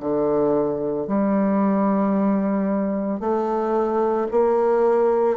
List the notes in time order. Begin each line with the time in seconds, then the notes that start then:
0.00 D3
1.07 G3
3.20 A3
4.31 A#3